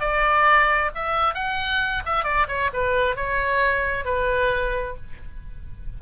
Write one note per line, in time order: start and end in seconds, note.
0.00 0.91 D5
0.95 1.35 E5
1.35 2.03 F#5
2.06 2.24 E5
2.24 2.47 D5
2.48 2.70 C#5
2.73 3.16 B4
3.16 4.05 C#5
4.05 4.96 B4